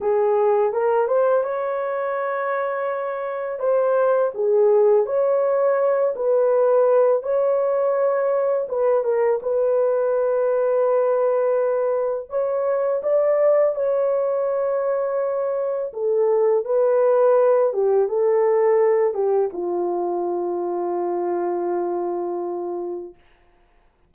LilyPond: \new Staff \with { instrumentName = "horn" } { \time 4/4 \tempo 4 = 83 gis'4 ais'8 c''8 cis''2~ | cis''4 c''4 gis'4 cis''4~ | cis''8 b'4. cis''2 | b'8 ais'8 b'2.~ |
b'4 cis''4 d''4 cis''4~ | cis''2 a'4 b'4~ | b'8 g'8 a'4. g'8 f'4~ | f'1 | }